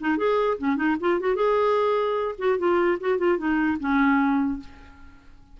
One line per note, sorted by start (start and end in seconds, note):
0.00 0.17 D#4
0.17 0.57 G#4
0.58 0.76 C#4
0.76 0.96 D#4
1.00 1.20 F4
1.20 1.35 F#4
1.35 2.35 G#4
2.38 2.58 F#4
2.58 2.98 F4
3.00 3.18 F#4
3.18 3.38 F4
3.38 3.78 D#4
3.80 4.60 C#4